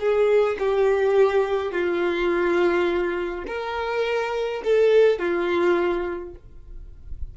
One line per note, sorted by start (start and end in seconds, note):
0.00 0.58 G#4
0.59 1.72 G4
1.72 3.45 F4
3.48 4.63 A#4
4.65 5.20 A4
5.20 6.35 F4